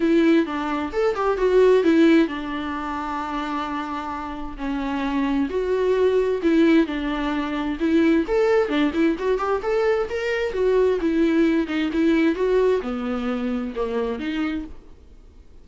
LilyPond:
\new Staff \with { instrumentName = "viola" } { \time 4/4 \tempo 4 = 131 e'4 d'4 a'8 g'8 fis'4 | e'4 d'2.~ | d'2 cis'2 | fis'2 e'4 d'4~ |
d'4 e'4 a'4 d'8 e'8 | fis'8 g'8 a'4 ais'4 fis'4 | e'4. dis'8 e'4 fis'4 | b2 ais4 dis'4 | }